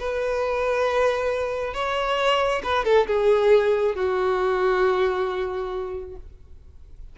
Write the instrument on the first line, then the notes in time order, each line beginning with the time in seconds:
violin
0.00 B4
1.74 C#5
2.64 B4
2.85 A4
3.08 G#4
3.96 F#4